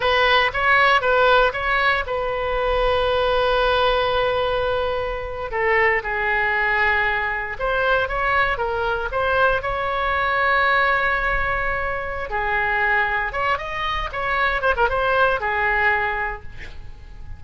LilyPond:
\new Staff \with { instrumentName = "oboe" } { \time 4/4 \tempo 4 = 117 b'4 cis''4 b'4 cis''4 | b'1~ | b'2~ b'8. a'4 gis'16~ | gis'2~ gis'8. c''4 cis''16~ |
cis''8. ais'4 c''4 cis''4~ cis''16~ | cis''1 | gis'2 cis''8 dis''4 cis''8~ | cis''8 c''16 ais'16 c''4 gis'2 | }